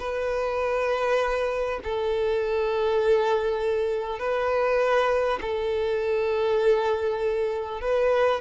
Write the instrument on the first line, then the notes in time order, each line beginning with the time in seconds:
violin
0.00 B4
1.84 A4
4.19 B4
5.41 A4
7.82 B4